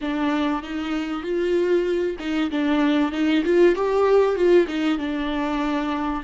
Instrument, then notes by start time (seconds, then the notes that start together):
viola
0.01 D4
0.62 D#4
1.22 F4
2.19 D#4
2.50 D4
3.12 D#4
3.44 F4
3.75 G4
4.35 F4
4.67 D#4
4.98 D4